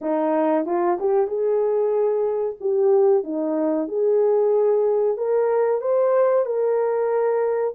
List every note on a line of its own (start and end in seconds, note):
0.01 0.65 D#4
0.65 0.97 F4
0.99 1.27 G4
1.27 2.56 G#4
2.60 3.23 G4
3.23 3.88 D#4
3.88 5.17 G#4
5.17 5.81 A#4
5.81 6.45 C5
6.45 7.74 A#4